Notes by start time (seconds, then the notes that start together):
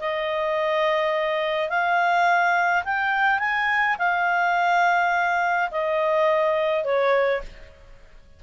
0.00 D#5
1.70 F5
2.85 G5
3.39 G#5
3.99 F5
5.71 D#5
6.85 C#5